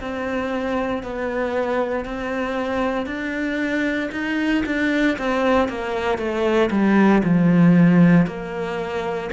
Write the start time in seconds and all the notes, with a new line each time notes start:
0.00 C4
1.03 B3
2.05 C4
3.07 D4
4.12 D#4
4.66 D4
5.18 C4
5.68 A#3
6.18 A3
6.71 G3
7.24 F3
8.27 A#3